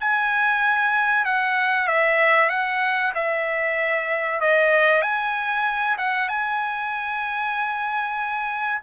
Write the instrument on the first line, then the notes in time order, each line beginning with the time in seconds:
trumpet
0.00 G#5
1.25 F#5
1.87 E5
2.49 F#5
3.14 E5
4.40 D#5
5.02 G#5
5.98 F#5
6.28 G#5